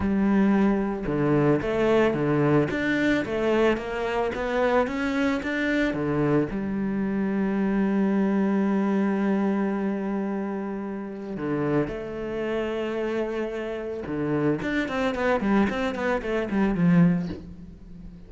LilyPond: \new Staff \with { instrumentName = "cello" } { \time 4/4 \tempo 4 = 111 g2 d4 a4 | d4 d'4 a4 ais4 | b4 cis'4 d'4 d4 | g1~ |
g1~ | g4 d4 a2~ | a2 d4 d'8 c'8 | b8 g8 c'8 b8 a8 g8 f4 | }